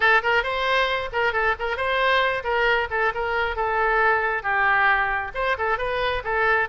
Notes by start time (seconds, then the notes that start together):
0.00 A4
0.22 A#4
0.43 C5
1.12 A#4
1.33 A4
1.59 A#4
1.76 C5
2.43 A#4
2.90 A4
3.14 A#4
3.56 A4
4.42 G4
5.34 C5
5.57 A4
5.78 B4
6.23 A4